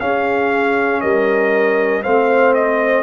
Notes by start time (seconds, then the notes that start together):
0.00 C#4 G#4 F5
1.01 G3 A#4 D#5
2.03 A3 C4 C5 F5
2.54 D#5